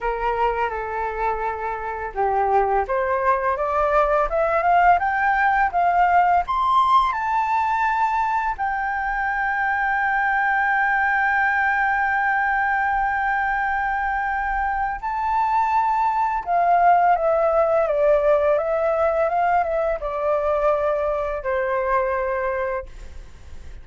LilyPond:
\new Staff \with { instrumentName = "flute" } { \time 4/4 \tempo 4 = 84 ais'4 a'2 g'4 | c''4 d''4 e''8 f''8 g''4 | f''4 c'''4 a''2 | g''1~ |
g''1~ | g''4 a''2 f''4 | e''4 d''4 e''4 f''8 e''8 | d''2 c''2 | }